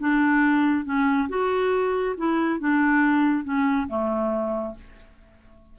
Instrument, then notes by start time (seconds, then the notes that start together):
clarinet
0.00 D4
0.85 C#4
1.29 F#4
2.17 E4
2.60 D4
3.44 C#4
3.88 A3